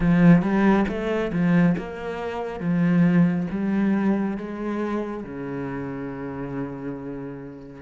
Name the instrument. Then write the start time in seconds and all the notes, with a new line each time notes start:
cello
0.00 F3
0.42 G3
0.88 A3
1.32 F3
1.77 A#3
2.60 F3
3.50 G3
4.37 G#3
5.23 C#3